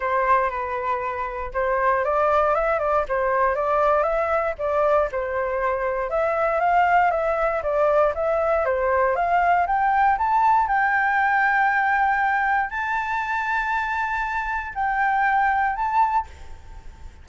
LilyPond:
\new Staff \with { instrumentName = "flute" } { \time 4/4 \tempo 4 = 118 c''4 b'2 c''4 | d''4 e''8 d''8 c''4 d''4 | e''4 d''4 c''2 | e''4 f''4 e''4 d''4 |
e''4 c''4 f''4 g''4 | a''4 g''2.~ | g''4 a''2.~ | a''4 g''2 a''4 | }